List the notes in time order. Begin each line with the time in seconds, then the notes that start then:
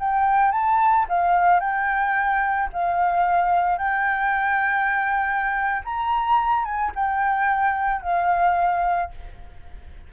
0.00 G5
0.52 A5
1.09 F5
1.60 G5
2.73 F5
3.78 G5
5.85 A#5
6.65 G#5
6.95 G5
8.02 F5